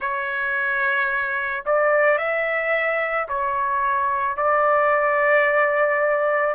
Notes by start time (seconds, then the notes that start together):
0.00 C#5
1.65 D5
2.18 E5
3.28 C#5
4.36 D5